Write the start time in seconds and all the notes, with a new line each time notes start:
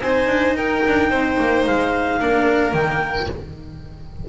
0.00 C4 D#4 C5 G#5
0.27 D4
0.54 D#4 A#4 G5
0.87 D4
1.10 C4 C5
1.39 A#3
1.66 G#3 F5
2.20 A#3 D4 A#4
2.71 D#3 A#3 G5